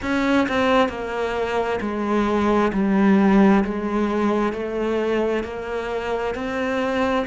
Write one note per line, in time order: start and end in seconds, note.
0.02 0.47 C#4
0.48 0.88 C4
0.88 1.79 A#3
1.81 2.71 G#3
2.73 3.64 G3
3.64 4.52 G#3
4.52 5.43 A3
5.43 6.34 A#3
6.34 7.25 C4